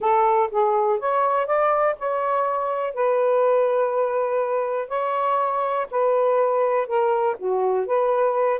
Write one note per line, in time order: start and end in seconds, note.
0.00 0.50 A4
0.51 0.99 G#4
0.99 1.46 C#5
1.46 1.95 D5
1.99 2.94 C#5
2.94 4.88 B4
4.88 5.87 C#5
5.91 6.87 B4
6.87 7.36 A#4
7.38 7.86 F#4
7.86 8.60 B4